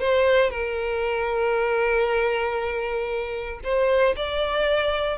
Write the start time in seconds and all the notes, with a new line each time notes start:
0.00 C5
0.50 A#4
3.64 C5
4.16 D5